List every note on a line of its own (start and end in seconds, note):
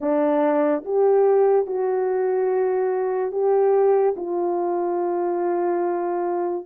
0.00 0.84 D4
0.84 1.66 G4
1.66 3.31 F#4
3.31 4.14 G4
4.16 6.66 F4